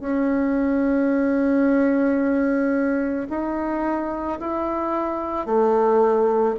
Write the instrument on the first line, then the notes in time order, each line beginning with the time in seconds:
bassoon
0.00 C#4
3.30 D#4
4.40 E4
5.46 A3